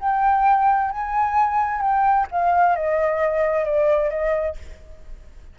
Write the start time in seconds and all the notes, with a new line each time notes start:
0.00 G5
0.92 G#5
1.81 G5
2.32 F5
2.76 D#5
3.65 D5
4.10 D#5